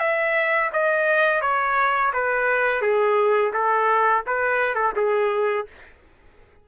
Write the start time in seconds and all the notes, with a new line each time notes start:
0.00 E5
0.73 D#5
1.42 C#5
2.14 B4
2.82 G#4
3.54 A4
4.27 B4
4.76 A4
4.97 G#4